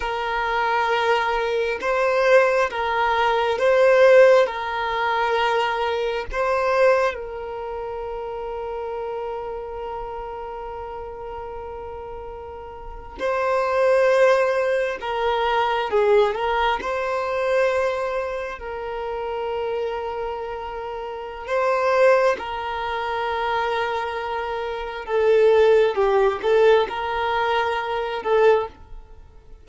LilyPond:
\new Staff \with { instrumentName = "violin" } { \time 4/4 \tempo 4 = 67 ais'2 c''4 ais'4 | c''4 ais'2 c''4 | ais'1~ | ais'2~ ais'8. c''4~ c''16~ |
c''8. ais'4 gis'8 ais'8 c''4~ c''16~ | c''8. ais'2.~ ais'16 | c''4 ais'2. | a'4 g'8 a'8 ais'4. a'8 | }